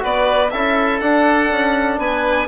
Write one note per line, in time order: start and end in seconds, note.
0.00 0.53 B3
0.00 0.49 F#4
0.00 0.52 B4
0.00 0.51 D5
0.51 1.01 C#4
0.51 1.02 E4
0.51 2.01 A4
0.51 1.00 E5
1.00 1.50 D4
1.00 2.48 D4
1.00 1.99 F#5
1.51 1.98 C#4
1.98 2.47 B3
1.98 2.48 B4
1.98 2.48 G#5